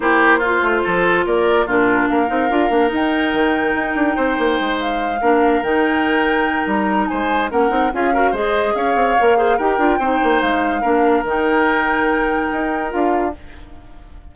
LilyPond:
<<
  \new Staff \with { instrumentName = "flute" } { \time 4/4 \tempo 4 = 144 c''2. d''4 | ais'4 f''2 g''4~ | g''2.~ g''8 f''8~ | f''4. g''2~ g''8 |
ais''4 gis''4 fis''4 f''4 | dis''4 f''2 g''4~ | g''4 f''2 g''4~ | g''2. f''4 | }
  \new Staff \with { instrumentName = "oboe" } { \time 4/4 g'4 f'4 a'4 ais'4 | f'4 ais'2.~ | ais'2 c''2~ | c''8 ais'2.~ ais'8~ |
ais'4 c''4 ais'4 gis'8 ais'8 | c''4 cis''4. c''8 ais'4 | c''2 ais'2~ | ais'1 | }
  \new Staff \with { instrumentName = "clarinet" } { \time 4/4 e'4 f'2. | d'4. dis'8 f'8 d'8 dis'4~ | dis'1~ | dis'8 d'4 dis'2~ dis'8~ |
dis'2 cis'8 dis'8 f'8 fis'8 | gis'2 ais'8 gis'8 g'8 f'8 | dis'2 d'4 dis'4~ | dis'2. f'4 | }
  \new Staff \with { instrumentName = "bassoon" } { \time 4/4 ais4. a8 f4 ais4 | ais,4 ais8 c'8 d'8 ais8 dis'4 | dis4 dis'8 d'8 c'8 ais8 gis4~ | gis8 ais4 dis2~ dis8 |
g4 gis4 ais8 c'8 cis'4 | gis4 cis'8 c'8 ais4 dis'8 d'8 | c'8 ais8 gis4 ais4 dis4~ | dis2 dis'4 d'4 | }
>>